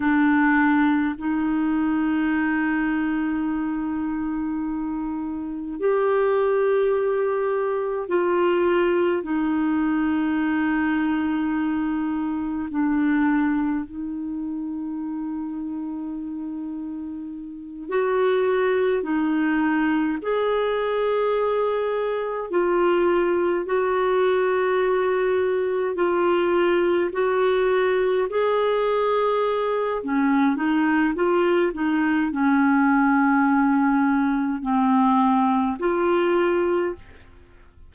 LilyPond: \new Staff \with { instrumentName = "clarinet" } { \time 4/4 \tempo 4 = 52 d'4 dis'2.~ | dis'4 g'2 f'4 | dis'2. d'4 | dis'2.~ dis'8 fis'8~ |
fis'8 dis'4 gis'2 f'8~ | f'8 fis'2 f'4 fis'8~ | fis'8 gis'4. cis'8 dis'8 f'8 dis'8 | cis'2 c'4 f'4 | }